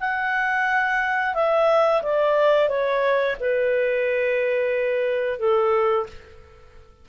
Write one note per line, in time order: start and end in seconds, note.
0.00 1.35 F#5
1.35 2.02 E5
2.02 2.69 D5
2.69 3.36 C#5
3.40 5.39 B4
5.39 6.06 A4